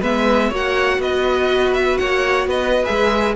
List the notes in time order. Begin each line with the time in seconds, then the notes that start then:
0.00 G#3 B3 B4 E5
0.49 A#3 F#4 C#5
0.56 F#5
0.98 B3 B4 D#5
1.73 E5
1.97 A#3 C#5 F#5
2.46 B3 B4 D#5
2.84 G#3 G#4 E5